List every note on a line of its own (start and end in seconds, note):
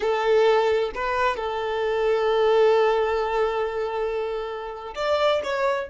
0.00 0.91 A4
0.95 1.36 B4
1.36 4.94 A4
4.95 5.41 D5
5.43 5.89 C#5